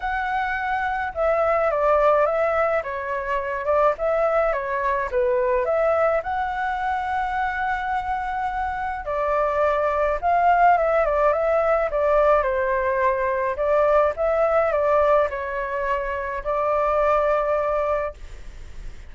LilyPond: \new Staff \with { instrumentName = "flute" } { \time 4/4 \tempo 4 = 106 fis''2 e''4 d''4 | e''4 cis''4. d''8 e''4 | cis''4 b'4 e''4 fis''4~ | fis''1 |
d''2 f''4 e''8 d''8 | e''4 d''4 c''2 | d''4 e''4 d''4 cis''4~ | cis''4 d''2. | }